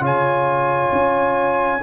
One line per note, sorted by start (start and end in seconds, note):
0.00 0.90 C#3
0.00 1.79 F4
0.00 1.80 C#5
0.00 1.83 G#5
0.91 1.81 C#4